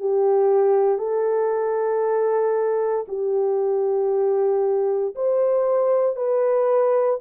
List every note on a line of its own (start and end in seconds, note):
0.00 0.99 G4
0.99 3.06 A4
3.08 5.15 G4
5.15 6.16 C5
6.16 7.20 B4